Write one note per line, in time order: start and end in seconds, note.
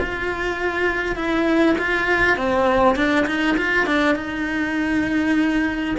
0.00 1.16 F4
1.16 1.76 E4
1.79 2.37 F4
2.37 2.96 C4
2.96 3.26 D4
3.26 3.56 D#4
3.58 3.86 F4
3.86 4.16 D4
4.16 5.96 D#4